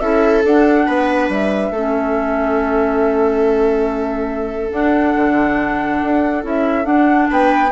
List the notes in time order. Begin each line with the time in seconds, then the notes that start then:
0.00 C#4 E4 A4 E5
0.45 D4 F#5
0.87 B3 B4
1.29 G3 E5
1.71 A3 C#4 A4
4.72 D4 F#5
5.16 D3
6.03 D4
6.43 C#4 E4 E5
6.84 D4 F#5
7.30 B3 B4 G5